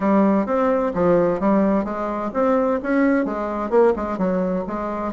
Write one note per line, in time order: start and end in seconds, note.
0.00 0.45 G3
0.45 0.92 C4
0.93 1.40 F3
1.40 1.84 G3
1.84 2.30 G#3
2.33 2.79 C4
2.82 3.25 C#4
3.25 3.70 G#3
3.70 3.93 A#3
3.96 4.18 G#3
4.18 4.64 F#3
4.67 5.13 G#3